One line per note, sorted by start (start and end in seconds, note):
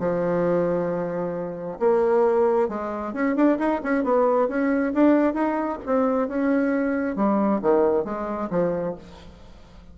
0.00 1.79 F3
1.80 2.69 A#3
2.69 3.14 G#3
3.14 3.36 C#4
3.36 3.59 D4
3.59 3.81 D#4
3.83 4.04 C#4
4.04 4.49 B3
4.49 4.94 C#4
4.94 5.34 D4
5.34 5.79 D#4
5.86 6.29 C4
6.29 7.16 C#4
7.16 7.61 G3
7.62 8.05 D#3
8.05 8.50 G#3
8.51 8.95 F3